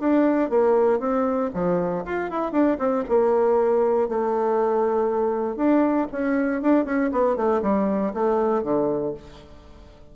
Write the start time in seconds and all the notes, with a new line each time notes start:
0.00 D4
0.50 A#3
1.00 C4
1.54 F3
2.05 F4
2.30 E4
2.52 D4
2.79 C4
3.09 A#3
4.09 A3
5.56 D4
6.12 C#4
6.62 D4
6.85 C#4
7.12 B3
7.36 A3
7.62 G3
8.14 A3
8.63 D3